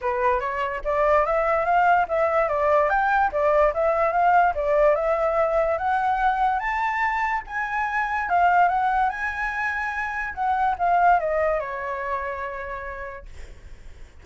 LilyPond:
\new Staff \with { instrumentName = "flute" } { \time 4/4 \tempo 4 = 145 b'4 cis''4 d''4 e''4 | f''4 e''4 d''4 g''4 | d''4 e''4 f''4 d''4 | e''2 fis''2 |
a''2 gis''2 | f''4 fis''4 gis''2~ | gis''4 fis''4 f''4 dis''4 | cis''1 | }